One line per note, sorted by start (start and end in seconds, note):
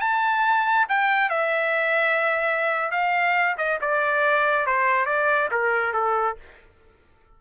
0.00 0.86 A5
0.88 1.29 G5
1.29 2.91 E5
2.91 3.56 F5
3.57 3.79 D#5
3.81 4.66 D5
4.66 5.05 C5
5.05 5.48 D5
5.51 5.93 A#4
5.93 6.36 A4